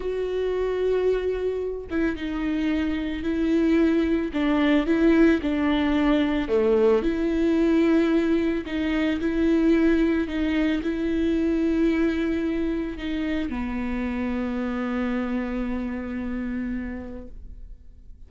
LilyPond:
\new Staff \with { instrumentName = "viola" } { \time 4/4 \tempo 4 = 111 fis'2.~ fis'8 e'8 | dis'2 e'2 | d'4 e'4 d'2 | a4 e'2. |
dis'4 e'2 dis'4 | e'1 | dis'4 b2.~ | b1 | }